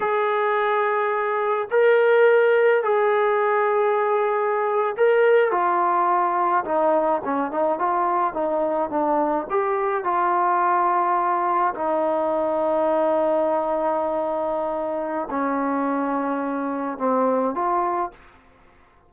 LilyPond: \new Staff \with { instrumentName = "trombone" } { \time 4/4 \tempo 4 = 106 gis'2. ais'4~ | ais'4 gis'2.~ | gis'8. ais'4 f'2 dis'16~ | dis'8. cis'8 dis'8 f'4 dis'4 d'16~ |
d'8. g'4 f'2~ f'16~ | f'8. dis'2.~ dis'16~ | dis'2. cis'4~ | cis'2 c'4 f'4 | }